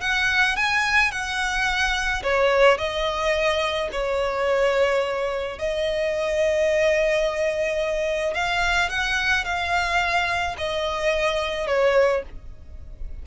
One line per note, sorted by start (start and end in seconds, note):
0.00 0.56 F#5
0.56 1.11 G#5
1.11 2.22 F#5
2.23 2.77 C#5
2.77 3.88 D#5
3.91 5.58 C#5
5.58 8.34 D#5
8.34 8.89 F5
8.89 9.44 F#5
9.44 10.55 F5
10.57 11.67 D#5
11.67 12.22 C#5